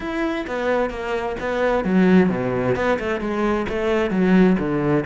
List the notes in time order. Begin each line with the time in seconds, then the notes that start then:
0.00 E4
0.46 B3
0.90 A#3
1.40 B3
1.84 F#3
2.29 B2
2.75 B3
2.99 A3
3.20 G#3
3.68 A3
4.10 F#3
4.59 D3